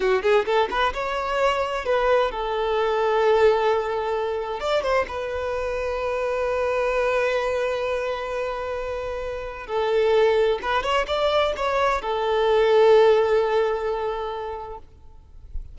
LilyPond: \new Staff \with { instrumentName = "violin" } { \time 4/4 \tempo 4 = 130 fis'8 gis'8 a'8 b'8 cis''2 | b'4 a'2.~ | a'2 d''8 c''8 b'4~ | b'1~ |
b'1~ | b'4 a'2 b'8 cis''8 | d''4 cis''4 a'2~ | a'1 | }